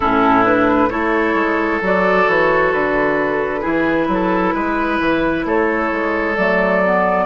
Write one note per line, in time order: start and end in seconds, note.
0.00 0.92 A2
0.00 0.44 C#4
0.00 0.89 E4
0.00 0.44 A4
0.44 0.89 D4
0.44 0.90 B4
0.89 1.34 A3
0.89 1.80 E4
0.89 3.60 A4
0.89 1.80 C#5
1.34 1.80 G#3
1.81 2.27 F#3
1.81 3.61 F#4
1.81 2.28 D5
2.27 2.73 E3
2.27 2.73 C#5
2.73 3.64 D3
2.73 5.45 B4
3.60 4.08 E3
3.60 6.34 E4
3.60 4.06 G#4
4.08 4.53 F#3
4.08 4.54 A4
4.53 4.99 G#3
4.53 5.45 B4
5.00 5.45 E3
5.45 5.90 A3
5.45 7.25 A4
5.45 6.36 C#5
5.92 6.37 G#3
6.36 7.25 F#3
6.36 6.83 A3
6.36 7.25 D5
6.85 7.25 B3